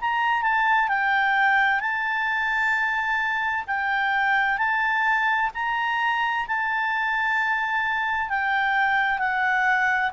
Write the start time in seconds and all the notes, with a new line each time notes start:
0.00 A#5
0.42 A5
0.88 G5
1.80 A5
3.67 G5
4.57 A5
5.54 A#5
6.47 A5
8.29 G5
9.18 F#5